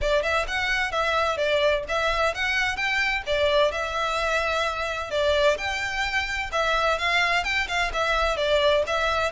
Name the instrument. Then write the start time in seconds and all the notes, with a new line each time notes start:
violin
0.01 D5
0.22 E5
0.47 F#5
0.91 E5
1.37 D5
1.88 E5
2.34 F#5
2.76 G5
3.26 D5
3.71 E5
5.10 D5
5.57 G5
6.52 E5
6.98 F5
7.44 G5
7.68 F5
7.93 E5
8.36 D5
8.86 E5